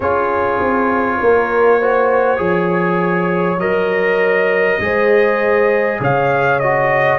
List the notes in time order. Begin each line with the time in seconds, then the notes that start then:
0.00 C#4 F4 G#4 C#5
0.59 C4
1.20 A#3 A#4
1.79 F#4 C5
2.37 F3 G#4 C#5
3.58 F#3 A#4 D#5
4.79 G#3 G#4 C5
6.00 C#3 C#5 F5
6.59 F#4 D#5